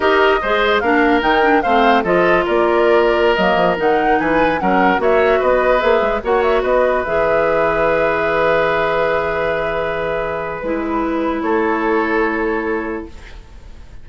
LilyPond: <<
  \new Staff \with { instrumentName = "flute" } { \time 4/4 \tempo 4 = 147 dis''2 f''4 g''4 | f''4 dis''4 d''2~ | d''16 dis''4 fis''4 gis''4 fis''8.~ | fis''16 e''4 dis''4 e''4 fis''8 e''16~ |
e''16 dis''4 e''2~ e''8.~ | e''1~ | e''2 b'2 | cis''1 | }
  \new Staff \with { instrumentName = "oboe" } { \time 4/4 ais'4 c''4 ais'2 | c''4 a'4 ais'2~ | ais'2~ ais'16 b'4 ais'8.~ | ais'16 cis''4 b'2 cis''8.~ |
cis''16 b'2.~ b'8.~ | b'1~ | b'1 | a'1 | }
  \new Staff \with { instrumentName = "clarinet" } { \time 4/4 g'4 gis'4 d'4 dis'8 d'8 | c'4 f'2.~ | f'16 ais4 dis'2 cis'8.~ | cis'16 fis'2 gis'4 fis'8.~ |
fis'4~ fis'16 gis'2~ gis'8.~ | gis'1~ | gis'2 e'2~ | e'1 | }
  \new Staff \with { instrumentName = "bassoon" } { \time 4/4 dis'4 gis4 ais4 dis4 | a4 f4 ais2~ | ais16 fis8 f8 dis4 e4 fis8.~ | fis16 ais4 b4 ais8 gis8 ais8.~ |
ais16 b4 e2~ e8.~ | e1~ | e2 gis2 | a1 | }
>>